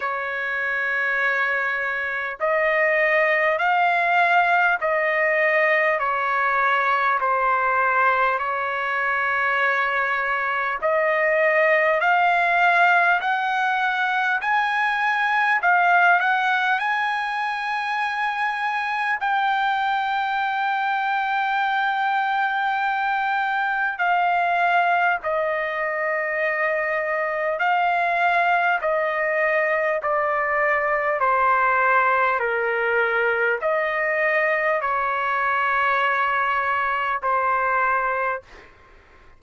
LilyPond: \new Staff \with { instrumentName = "trumpet" } { \time 4/4 \tempo 4 = 50 cis''2 dis''4 f''4 | dis''4 cis''4 c''4 cis''4~ | cis''4 dis''4 f''4 fis''4 | gis''4 f''8 fis''8 gis''2 |
g''1 | f''4 dis''2 f''4 | dis''4 d''4 c''4 ais'4 | dis''4 cis''2 c''4 | }